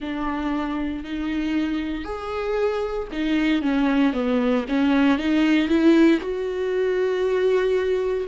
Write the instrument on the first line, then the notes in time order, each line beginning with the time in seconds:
viola
0.00 D4
1.03 D#4
2.04 G#4
3.12 D#4
3.62 C#4
4.13 B3
4.68 C#4
5.18 D#4
5.68 E4
6.21 F#4